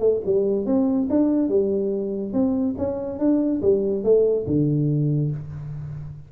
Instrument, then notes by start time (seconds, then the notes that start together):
tuba
0.00 A3
0.26 G3
0.66 C4
1.10 D4
1.49 G3
2.33 C4
2.78 C#4
3.19 D4
3.62 G3
4.04 A3
4.47 D3